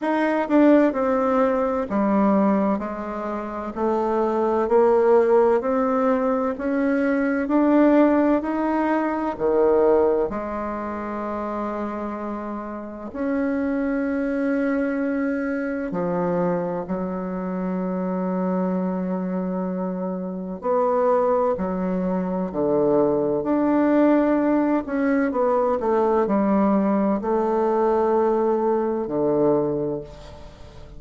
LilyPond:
\new Staff \with { instrumentName = "bassoon" } { \time 4/4 \tempo 4 = 64 dis'8 d'8 c'4 g4 gis4 | a4 ais4 c'4 cis'4 | d'4 dis'4 dis4 gis4~ | gis2 cis'2~ |
cis'4 f4 fis2~ | fis2 b4 fis4 | d4 d'4. cis'8 b8 a8 | g4 a2 d4 | }